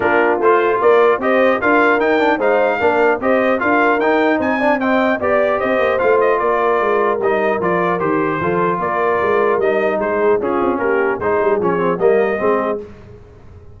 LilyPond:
<<
  \new Staff \with { instrumentName = "trumpet" } { \time 4/4 \tempo 4 = 150 ais'4 c''4 d''4 dis''4 | f''4 g''4 f''2 | dis''4 f''4 g''4 gis''4 | g''4 d''4 dis''4 f''8 dis''8 |
d''2 dis''4 d''4 | c''2 d''2 | dis''4 c''4 gis'4 ais'4 | c''4 cis''4 dis''2 | }
  \new Staff \with { instrumentName = "horn" } { \time 4/4 f'2 ais'4 c''4 | ais'2 c''4 ais'4 | c''4 ais'2 c''8 d''8 | dis''4 d''4 c''2 |
ais'1~ | ais'4 a'4 ais'2~ | ais'4 gis'4 f'4 g'4 | gis'2 ais'4 gis'4 | }
  \new Staff \with { instrumentName = "trombone" } { \time 4/4 d'4 f'2 g'4 | f'4 dis'8 d'8 dis'4 d'4 | g'4 f'4 dis'4. d'8 | c'4 g'2 f'4~ |
f'2 dis'4 f'4 | g'4 f'2. | dis'2 cis'2 | dis'4 cis'8 c'8 ais4 c'4 | }
  \new Staff \with { instrumentName = "tuba" } { \time 4/4 ais4 a4 ais4 c'4 | d'4 dis'4 gis4 ais4 | c'4 d'4 dis'4 c'4~ | c'4 b4 c'8 ais8 a4 |
ais4 gis4 g4 f4 | dis4 f4 ais4 gis4 | g4 gis4 cis'8 c'8 ais4 | gis8 g8 f4 g4 gis4 | }
>>